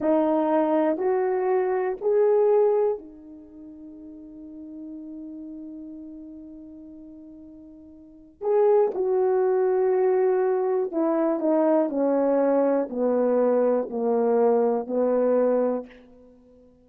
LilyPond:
\new Staff \with { instrumentName = "horn" } { \time 4/4 \tempo 4 = 121 dis'2 fis'2 | gis'2 dis'2~ | dis'1~ | dis'1~ |
dis'4 gis'4 fis'2~ | fis'2 e'4 dis'4 | cis'2 b2 | ais2 b2 | }